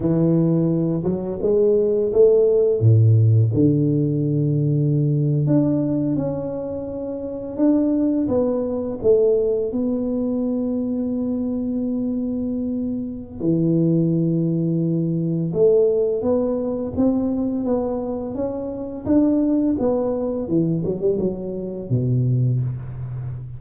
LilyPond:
\new Staff \with { instrumentName = "tuba" } { \time 4/4 \tempo 4 = 85 e4. fis8 gis4 a4 | a,4 d2~ d8. d'16~ | d'8. cis'2 d'4 b16~ | b8. a4 b2~ b16~ |
b2. e4~ | e2 a4 b4 | c'4 b4 cis'4 d'4 | b4 e8 fis16 g16 fis4 b,4 | }